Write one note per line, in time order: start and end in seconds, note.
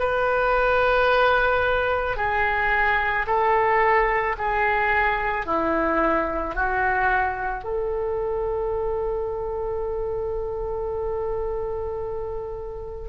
0.00 2.17 B4
2.17 3.26 G#4
3.27 4.36 A4
4.38 5.46 G#4
5.46 6.55 E4
6.55 7.64 F#4
7.64 13.09 A4